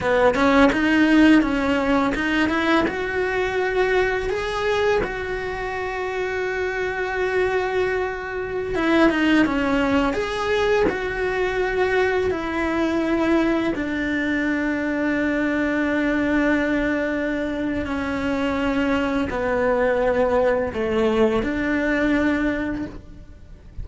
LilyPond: \new Staff \with { instrumentName = "cello" } { \time 4/4 \tempo 4 = 84 b8 cis'8 dis'4 cis'4 dis'8 e'8 | fis'2 gis'4 fis'4~ | fis'1~ | fis'16 e'8 dis'8 cis'4 gis'4 fis'8.~ |
fis'4~ fis'16 e'2 d'8.~ | d'1~ | d'4 cis'2 b4~ | b4 a4 d'2 | }